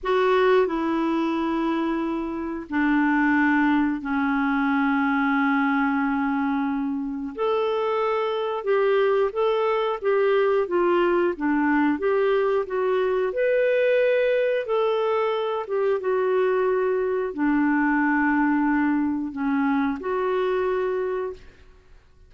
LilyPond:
\new Staff \with { instrumentName = "clarinet" } { \time 4/4 \tempo 4 = 90 fis'4 e'2. | d'2 cis'2~ | cis'2. a'4~ | a'4 g'4 a'4 g'4 |
f'4 d'4 g'4 fis'4 | b'2 a'4. g'8 | fis'2 d'2~ | d'4 cis'4 fis'2 | }